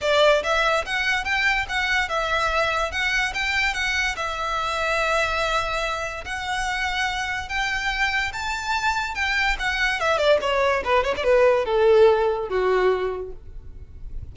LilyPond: \new Staff \with { instrumentName = "violin" } { \time 4/4 \tempo 4 = 144 d''4 e''4 fis''4 g''4 | fis''4 e''2 fis''4 | g''4 fis''4 e''2~ | e''2. fis''4~ |
fis''2 g''2 | a''2 g''4 fis''4 | e''8 d''8 cis''4 b'8 cis''16 d''16 b'4 | a'2 fis'2 | }